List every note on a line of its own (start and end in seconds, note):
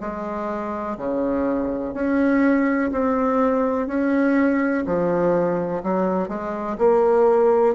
0.00 0.97 G#3
0.97 1.94 C#3
1.94 2.91 C#4
2.92 3.87 C4
3.87 4.84 C#4
4.86 5.83 F3
5.83 6.28 F#3
6.28 6.77 G#3
6.78 7.75 A#3